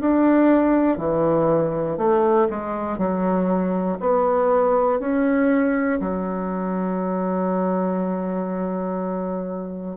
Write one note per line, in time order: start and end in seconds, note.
0.00 0.98 D4
0.98 1.98 E3
1.98 2.48 A3
2.50 2.98 G#3
2.98 3.98 F#3
4.00 4.99 B3
4.99 5.99 C#4
6.00 9.97 F#3